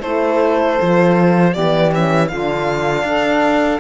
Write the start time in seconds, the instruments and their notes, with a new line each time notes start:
0.00 cello A3, horn E4, saxophone A4, violin C5
0.78 cello F3, horn F4
1.52 cello E3, horn B3, saxophone G4, violin D5
1.91 horn C#4, violin E5
2.28 cello D3, horn D4, saxophone F4, violin F5
3.03 cello D4, saxophone A4